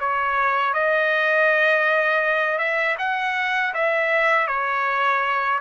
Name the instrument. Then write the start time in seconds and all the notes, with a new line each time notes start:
trumpet
0.00 C#5
0.73 D#5
2.58 E5
2.98 F#5
3.74 E5
4.47 C#5